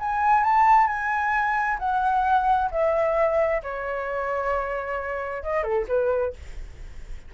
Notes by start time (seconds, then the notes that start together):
0.00 G#5
0.44 A5
0.88 G#5
1.79 F#5
2.71 E5
3.63 C#5
5.43 D#5
5.63 A4
5.88 B4